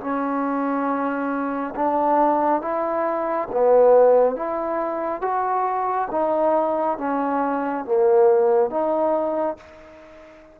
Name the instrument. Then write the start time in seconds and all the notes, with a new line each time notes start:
trombone
0.00 C#4
1.75 D4
2.61 E4
3.51 B3
4.36 E4
5.21 F#4
6.11 D#4
6.98 C#4
7.85 A#3
8.70 D#4